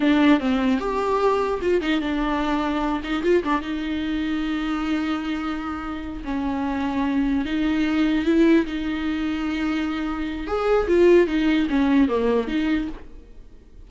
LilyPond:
\new Staff \with { instrumentName = "viola" } { \time 4/4 \tempo 4 = 149 d'4 c'4 g'2 | f'8 dis'8 d'2~ d'8 dis'8 | f'8 d'8 dis'2.~ | dis'2.~ dis'8 cis'8~ |
cis'2~ cis'8 dis'4.~ | dis'8 e'4 dis'2~ dis'8~ | dis'2 gis'4 f'4 | dis'4 cis'4 ais4 dis'4 | }